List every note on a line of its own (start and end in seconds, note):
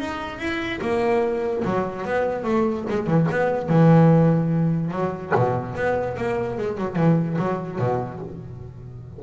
0.00 0.39 D#4
0.39 0.80 E4
0.82 1.64 A#3
1.65 2.06 F#3
2.06 2.44 B3
2.44 2.85 A3
2.89 3.07 G#3
3.07 3.28 E3
3.31 3.69 B3
3.69 4.92 E3
4.92 5.33 F#3
5.36 5.76 B2
5.76 6.17 B3
6.18 6.58 A#3
6.58 6.78 G#3
6.78 6.97 F#3
6.97 7.38 E3
7.39 7.79 F#3
7.79 8.20 B2